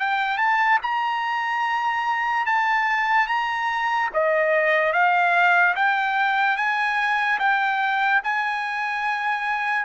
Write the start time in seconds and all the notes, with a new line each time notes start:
0.00 G5
0.38 A5
0.83 A#5
2.46 A5
3.28 A#5
4.14 D#5
4.93 F5
5.76 G5
6.57 G#5
7.40 G5
8.24 G#5